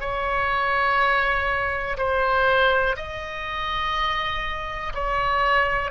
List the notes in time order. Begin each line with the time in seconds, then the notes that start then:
0.00 C#5
1.97 C5
2.96 D#5
4.94 C#5